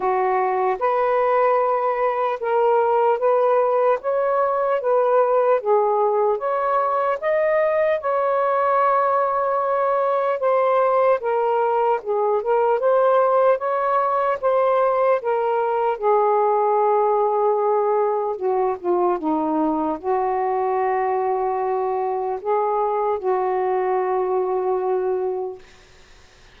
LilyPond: \new Staff \with { instrumentName = "saxophone" } { \time 4/4 \tempo 4 = 75 fis'4 b'2 ais'4 | b'4 cis''4 b'4 gis'4 | cis''4 dis''4 cis''2~ | cis''4 c''4 ais'4 gis'8 ais'8 |
c''4 cis''4 c''4 ais'4 | gis'2. fis'8 f'8 | dis'4 fis'2. | gis'4 fis'2. | }